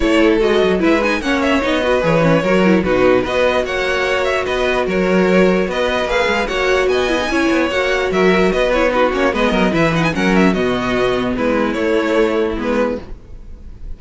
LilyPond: <<
  \new Staff \with { instrumentName = "violin" } { \time 4/4 \tempo 4 = 148 cis''4 dis''4 e''8 gis''8 fis''8 e''8 | dis''4 cis''2 b'4 | dis''4 fis''4. e''8 dis''4 | cis''2 dis''4 f''4 |
fis''4 gis''2 fis''4 | e''4 dis''8 cis''8 b'8 cis''8 dis''4 | e''8 fis''16 gis''16 fis''8 e''8 dis''2 | b'4 cis''2 b'4 | }
  \new Staff \with { instrumentName = "violin" } { \time 4/4 a'2 b'4 cis''4~ | cis''8 b'4. ais'4 fis'4 | b'4 cis''2 b'4 | ais'2 b'2 |
cis''4 dis''4 cis''2 | ais'4 b'4 fis'4 b'8 ais'8 | b'4 ais'4 fis'2 | e'1 | }
  \new Staff \with { instrumentName = "viola" } { \time 4/4 e'4 fis'4 e'8 dis'8 cis'4 | dis'8 fis'8 gis'8 cis'8 fis'8 e'8 dis'4 | fis'1~ | fis'2. gis'4 |
fis'4. e'16 dis'16 e'4 fis'4~ | fis'4. e'8 dis'8 cis'8 b4 | e'8 dis'8 cis'4 b2~ | b4 a2 b4 | }
  \new Staff \with { instrumentName = "cello" } { \time 4/4 a4 gis8 fis8 gis4 ais4 | b4 e4 fis4 b,4 | b4 ais2 b4 | fis2 b4 ais8 gis8 |
ais4 b4 cis'8 b8 ais4 | fis4 b4. ais8 gis8 fis8 | e4 fis4 b,2 | gis4 a2 gis4 | }
>>